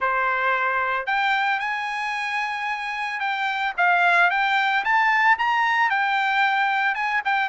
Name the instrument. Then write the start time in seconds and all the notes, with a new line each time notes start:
trumpet
0.00 C5
1.06 G5
1.59 G#5
3.19 G5
3.77 F5
4.30 G5
4.84 A5
5.38 A#5
5.90 G5
6.94 G#5
7.24 G5